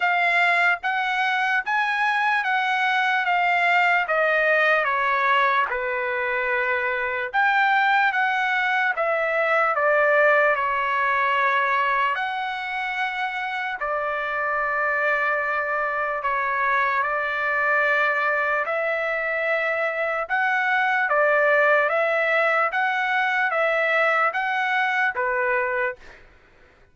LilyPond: \new Staff \with { instrumentName = "trumpet" } { \time 4/4 \tempo 4 = 74 f''4 fis''4 gis''4 fis''4 | f''4 dis''4 cis''4 b'4~ | b'4 g''4 fis''4 e''4 | d''4 cis''2 fis''4~ |
fis''4 d''2. | cis''4 d''2 e''4~ | e''4 fis''4 d''4 e''4 | fis''4 e''4 fis''4 b'4 | }